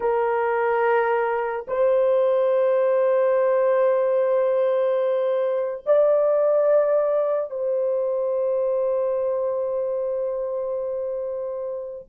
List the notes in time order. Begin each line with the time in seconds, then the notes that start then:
0.00 A#4
1.67 C5
5.85 D5
7.50 C5